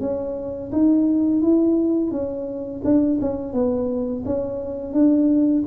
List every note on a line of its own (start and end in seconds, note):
0.00 0.71 C#4
0.72 1.41 D#4
1.41 2.10 E4
2.10 2.81 C#4
2.84 3.19 D4
3.21 3.53 C#4
3.53 4.23 B3
4.25 4.93 C#4
4.93 5.63 D4